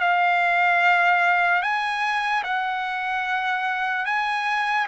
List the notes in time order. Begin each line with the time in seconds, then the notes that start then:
0.00 F5
1.62 G#5
2.43 F#5
4.05 G#5